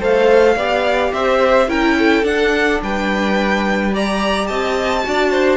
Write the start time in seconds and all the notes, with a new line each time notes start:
0.00 A3 A4 C5 F5
0.56 B3 G4 D5
1.13 C4 C5 E5
1.68 C#4 E4 A#4 G5
1.99 A4
2.23 D4 F#5
2.83 G3 B4 G5
3.93 G4 D5 A#5
4.47 C4 D#5 A5
5.05 D4 F#4 D5
5.31 C5